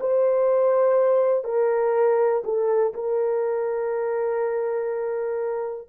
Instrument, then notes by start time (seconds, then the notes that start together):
horn
0.00 C5
1.44 A#4
2.44 A4
2.94 A#4